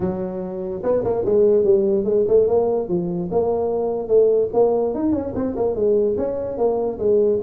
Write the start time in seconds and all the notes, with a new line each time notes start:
0.00 F#3
0.83 B3
1.04 A#3
1.25 G#3
1.63 G3
2.04 G#3
2.27 A3
2.47 A#3
2.88 F3
3.31 A#3
4.07 A3
4.53 A#3
4.94 D#4
5.12 C#4
5.34 C4
5.56 A#3
5.75 G#3
6.17 C#4
6.57 A#3
6.98 G#3